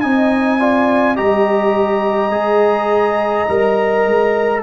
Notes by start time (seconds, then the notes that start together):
0.00 C4 D#4 D#5 G#5
0.59 F4 D5
1.16 G3 G4 D#5 A#5
2.30 G#3 G#4
3.48 G3 A#4
4.06 G#3